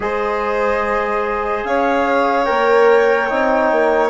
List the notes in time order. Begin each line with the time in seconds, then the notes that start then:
0.00 G#3 G#4 C5 D#5
1.64 C#4 C#5 F5
2.44 A#3 A#4 G5
3.29 C4 D#4
3.71 A#3